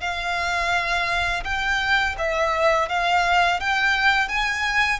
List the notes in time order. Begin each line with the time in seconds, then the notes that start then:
0.00 F5
1.44 G5
2.18 E5
2.88 F5
3.60 G5
4.28 G#5